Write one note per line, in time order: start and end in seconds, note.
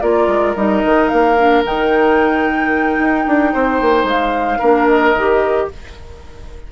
0.00 0.27 A#3
0.00 0.55 F4
0.00 3.53 A#4
0.00 0.54 D5
0.27 0.54 G#3
0.55 0.82 G3
0.55 1.36 D#4
0.55 1.08 D#5
0.84 1.11 D#3
1.08 1.65 A#3
1.08 1.62 F5
1.37 1.64 D4
1.64 2.98 D#3
1.64 4.60 D#4
1.64 4.08 G5
2.98 3.25 D#4
3.26 3.53 D4
3.53 3.81 C4
3.53 4.58 C5
3.81 4.03 A#3
4.03 4.57 G#3
4.03 4.87 F5
4.58 5.14 A#3
4.58 5.14 D4
4.58 5.66 A#4
4.87 5.68 D#5
5.14 5.68 D#3
5.14 5.71 G4